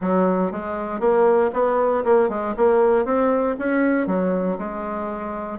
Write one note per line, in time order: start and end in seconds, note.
0.01 0.51 F#3
0.51 0.99 G#3
0.99 1.50 A#3
1.53 2.03 B3
2.04 2.29 A#3
2.29 2.54 G#3
2.57 3.05 A#3
3.05 3.56 C4
3.58 4.07 C#4
4.07 4.57 F#3
4.58 5.58 G#3